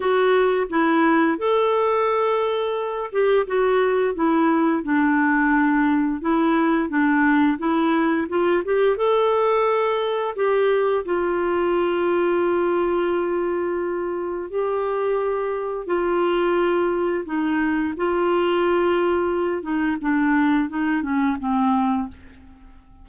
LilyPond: \new Staff \with { instrumentName = "clarinet" } { \time 4/4 \tempo 4 = 87 fis'4 e'4 a'2~ | a'8 g'8 fis'4 e'4 d'4~ | d'4 e'4 d'4 e'4 | f'8 g'8 a'2 g'4 |
f'1~ | f'4 g'2 f'4~ | f'4 dis'4 f'2~ | f'8 dis'8 d'4 dis'8 cis'8 c'4 | }